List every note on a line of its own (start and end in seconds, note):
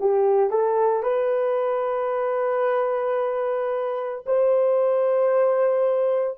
0.00 0.50 G4
0.50 1.03 A4
1.03 4.24 B4
4.26 6.38 C5